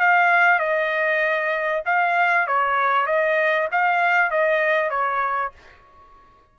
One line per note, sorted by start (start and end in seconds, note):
0.00 0.59 F5
0.59 1.83 D#5
1.85 2.47 F5
2.47 3.06 C#5
3.06 3.68 D#5
3.71 4.30 F5
4.30 4.90 D#5
4.90 5.52 C#5